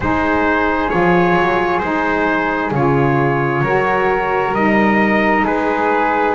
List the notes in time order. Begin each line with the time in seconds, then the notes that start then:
0.00 G#3 D#4 G#4 C5
0.89 F3 F4 C#5
1.35 F#3
1.79 G#3 D#4 C5
2.71 C#3 F4 C#5
3.61 F#3 F#4 A#4
4.52 G3 D#4 D#5
5.44 G#3 G#4 B4